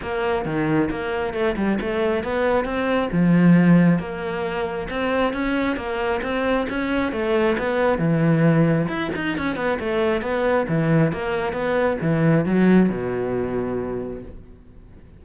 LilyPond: \new Staff \with { instrumentName = "cello" } { \time 4/4 \tempo 4 = 135 ais4 dis4 ais4 a8 g8 | a4 b4 c'4 f4~ | f4 ais2 c'4 | cis'4 ais4 c'4 cis'4 |
a4 b4 e2 | e'8 dis'8 cis'8 b8 a4 b4 | e4 ais4 b4 e4 | fis4 b,2. | }